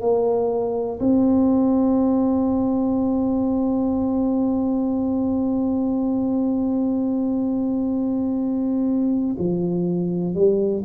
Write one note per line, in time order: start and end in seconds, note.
0.00 0.98 A#3
1.00 9.36 C4
9.38 10.34 F3
10.34 10.83 G3